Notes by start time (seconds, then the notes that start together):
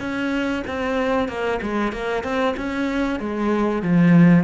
0.00 C#4
0.67 C4
1.29 A#3
1.62 G#3
1.92 A#3
2.24 C4
2.57 C#4
3.20 G#3
3.82 F3